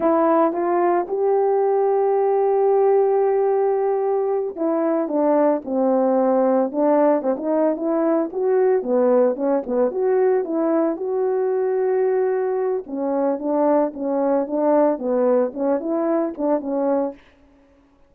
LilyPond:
\new Staff \with { instrumentName = "horn" } { \time 4/4 \tempo 4 = 112 e'4 f'4 g'2~ | g'1~ | g'8 e'4 d'4 c'4.~ | c'8 d'4 c'16 dis'8. e'4 fis'8~ |
fis'8 b4 cis'8 b8 fis'4 e'8~ | e'8 fis'2.~ fis'8 | cis'4 d'4 cis'4 d'4 | b4 cis'8 e'4 d'8 cis'4 | }